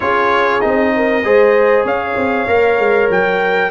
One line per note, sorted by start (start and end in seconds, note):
0.00 0.62 C#4
0.00 0.60 F4
0.00 0.94 G#4
0.00 0.60 C#5
0.60 1.24 C4
0.60 1.22 D#4
0.60 1.84 D#5
0.96 1.24 A#4
1.24 1.84 G#3
1.24 2.47 G#4
1.24 1.84 C5
1.84 2.15 C#4
1.84 3.70 C#5
1.84 3.10 F5
2.16 2.47 C4
2.47 2.78 A#3
2.47 3.70 A#4
2.78 3.09 G#3
3.09 3.70 F#3
3.09 3.70 G5